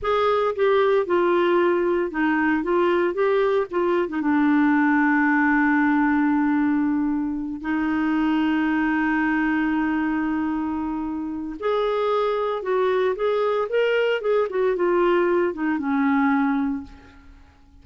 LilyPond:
\new Staff \with { instrumentName = "clarinet" } { \time 4/4 \tempo 4 = 114 gis'4 g'4 f'2 | dis'4 f'4 g'4 f'8. dis'16 | d'1~ | d'2~ d'8 dis'4.~ |
dis'1~ | dis'2 gis'2 | fis'4 gis'4 ais'4 gis'8 fis'8 | f'4. dis'8 cis'2 | }